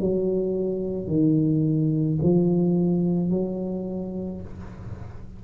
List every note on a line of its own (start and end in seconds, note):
0.00 1.08 F#3
1.08 2.19 D#3
2.23 3.30 F3
3.30 4.41 F#3